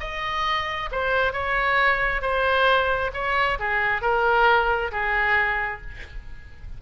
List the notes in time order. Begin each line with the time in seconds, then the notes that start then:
0.00 D#5
0.92 C5
1.33 C#5
2.22 C5
3.14 C#5
3.59 G#4
4.02 A#4
4.92 G#4